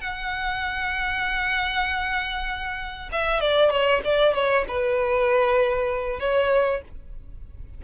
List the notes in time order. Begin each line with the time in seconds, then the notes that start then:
0.00 F#5
3.12 E5
3.40 D5
3.70 C#5
4.04 D5
4.34 C#5
4.68 B4
6.20 C#5